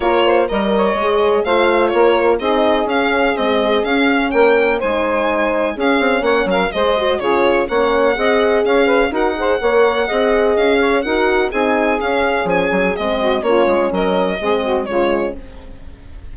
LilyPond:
<<
  \new Staff \with { instrumentName = "violin" } { \time 4/4 \tempo 4 = 125 cis''4 dis''2 f''4 | cis''4 dis''4 f''4 dis''4 | f''4 g''4 gis''2 | f''4 fis''8 f''8 dis''4 cis''4 |
fis''2 f''4 fis''4~ | fis''2 f''4 fis''4 | gis''4 f''4 gis''4 dis''4 | cis''4 dis''2 cis''4 | }
  \new Staff \with { instrumentName = "saxophone" } { \time 4/4 ais'8 c''8 ais'8 cis''4. c''4 | ais'4 gis'2.~ | gis'4 ais'4 c''2 | gis'4 cis''8 ais'8 c''4 gis'4 |
cis''4 dis''4 cis''8 b'8 ais'8 c''8 | cis''4 dis''4. cis''8 ais'4 | gis'2.~ gis'8 fis'8 | f'4 ais'4 gis'8 fis'8 f'4 | }
  \new Staff \with { instrumentName = "horn" } { \time 4/4 f'4 ais'4 gis'4 f'4~ | f'4 dis'4 cis'4 gis4 | cis'2 dis'2 | cis'2 gis'8 fis'8 f'4 |
cis'4 gis'2 fis'8 gis'8 | ais'4 gis'2 fis'4 | dis'4 cis'2 c'4 | cis'2 c'4 gis4 | }
  \new Staff \with { instrumentName = "bassoon" } { \time 4/4 ais4 g4 gis4 a4 | ais4 c'4 cis'4 c'4 | cis'4 ais4 gis2 | cis'8 c'8 ais8 fis8 gis4 cis4 |
ais4 c'4 cis'4 dis'4 | ais4 c'4 cis'4 dis'4 | c'4 cis'4 f8 fis8 gis4 | ais8 gis8 fis4 gis4 cis4 | }
>>